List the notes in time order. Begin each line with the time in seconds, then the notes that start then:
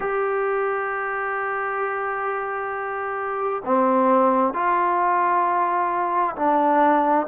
0.00 G4
3.65 C4
4.53 F4
6.36 D4